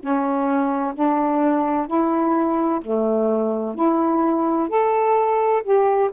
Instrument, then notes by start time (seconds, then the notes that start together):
saxophone
0.00 C#4
0.95 D4
1.87 E4
2.81 A3
3.75 E4
4.69 A4
5.63 G4